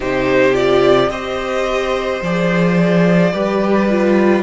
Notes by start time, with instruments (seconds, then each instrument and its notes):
0.00 cello C3, viola D#4, violin G4 C5
0.53 viola F4, violin D5
1.09 cello C4, viola G4, violin C5 D#5
2.22 cello F3, viola G#4, violin D5
3.33 cello G3, viola G4, violin B4
3.89 viola F4